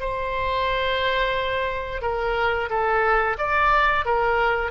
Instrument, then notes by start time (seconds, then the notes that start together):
oboe
0.00 C5
2.02 A#4
2.69 A4
3.38 D5
4.05 A#4